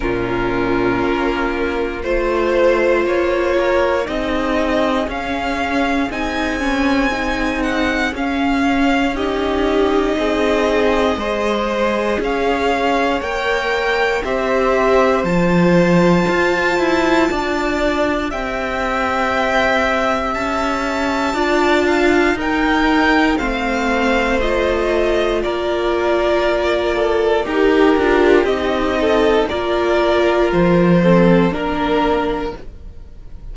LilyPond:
<<
  \new Staff \with { instrumentName = "violin" } { \time 4/4 \tempo 4 = 59 ais'2 c''4 cis''4 | dis''4 f''4 gis''4. fis''8 | f''4 dis''2. | f''4 g''4 e''4 a''4~ |
a''2 g''2 | a''2 g''4 f''4 | dis''4 d''2 ais'4 | dis''4 d''4 c''4 ais'4 | }
  \new Staff \with { instrumentName = "violin" } { \time 4/4 f'2 c''4. ais'8 | gis'1~ | gis'4 g'4 gis'4 c''4 | cis''2 c''2~ |
c''4 d''4 e''2~ | e''4 d''8 f''8 ais'4 c''4~ | c''4 ais'4. a'8 g'4~ | g'8 a'8 ais'4. a'8 ais'4 | }
  \new Staff \with { instrumentName = "viola" } { \time 4/4 cis'2 f'2 | dis'4 cis'4 dis'8 cis'8 dis'4 | cis'4 dis'2 gis'4~ | gis'4 ais'4 g'4 f'4~ |
f'2 g'2~ | g'4 f'4 dis'4 c'4 | f'2. g'8 f'8 | dis'4 f'4. c'8 d'4 | }
  \new Staff \with { instrumentName = "cello" } { \time 4/4 ais,4 ais4 a4 ais4 | c'4 cis'4 c'2 | cis'2 c'4 gis4 | cis'4 ais4 c'4 f4 |
f'8 e'8 d'4 c'2 | cis'4 d'4 dis'4 a4~ | a4 ais2 dis'8 d'8 | c'4 ais4 f4 ais4 | }
>>